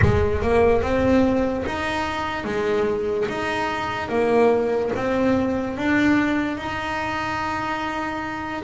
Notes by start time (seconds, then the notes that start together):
0.01 G#3
0.41 A#3
0.82 C4
1.66 D#4
2.44 G#3
3.28 D#4
4.08 A#3
4.95 C4
5.77 D4
6.57 D#4